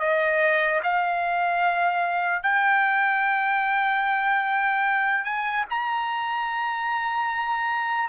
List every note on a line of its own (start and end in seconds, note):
0.00 0.81 D#5
0.84 2.43 F5
2.43 5.25 G5
5.25 5.65 G#5
5.71 8.09 A#5